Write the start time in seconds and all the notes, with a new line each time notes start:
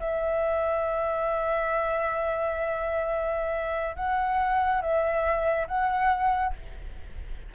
0.00 E5
3.97 F#5
4.82 E5
5.68 F#5